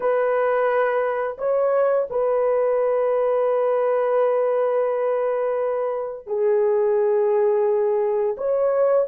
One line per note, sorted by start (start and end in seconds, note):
0.00 1.37 B4
1.38 2.07 C#5
2.09 6.26 B4
6.26 8.36 G#4
8.37 9.07 C#5